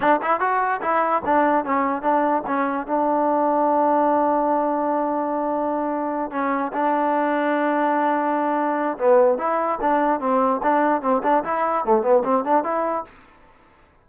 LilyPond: \new Staff \with { instrumentName = "trombone" } { \time 4/4 \tempo 4 = 147 d'8 e'8 fis'4 e'4 d'4 | cis'4 d'4 cis'4 d'4~ | d'1~ | d'2.~ d'8 cis'8~ |
cis'8 d'2.~ d'8~ | d'2 b4 e'4 | d'4 c'4 d'4 c'8 d'8 | e'4 a8 b8 c'8 d'8 e'4 | }